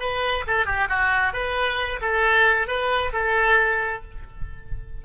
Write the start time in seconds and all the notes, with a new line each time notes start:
0.00 B4
0.47 A4
0.66 G4
0.89 F#4
1.33 B4
2.01 A4
2.67 B4
3.13 A4